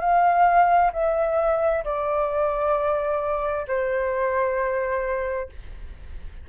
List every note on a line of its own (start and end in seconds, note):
0.00 0.91 F5
0.93 1.84 E5
1.84 3.66 D5
3.68 5.50 C5